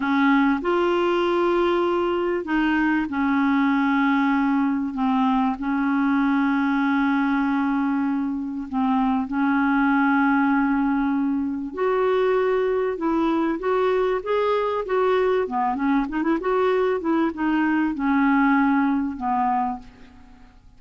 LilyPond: \new Staff \with { instrumentName = "clarinet" } { \time 4/4 \tempo 4 = 97 cis'4 f'2. | dis'4 cis'2. | c'4 cis'2.~ | cis'2 c'4 cis'4~ |
cis'2. fis'4~ | fis'4 e'4 fis'4 gis'4 | fis'4 b8 cis'8 dis'16 e'16 fis'4 e'8 | dis'4 cis'2 b4 | }